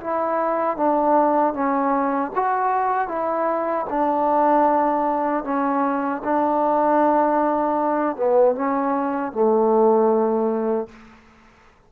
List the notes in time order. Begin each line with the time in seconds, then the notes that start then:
0.00 E4
0.77 D4
1.53 C#4
2.34 F#4
3.08 E4
3.89 D4
5.44 C#4
6.24 D4
8.16 B3
8.55 C#4
9.32 A3